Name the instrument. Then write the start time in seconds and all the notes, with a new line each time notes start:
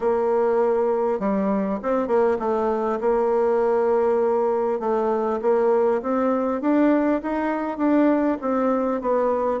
bassoon
0.00 A#3
1.19 G3
1.82 C4
2.07 A#3
2.39 A3
3.00 A#3
4.79 A3
5.41 A#3
6.02 C4
6.61 D4
7.22 D#4
7.77 D4
8.41 C4
9.01 B3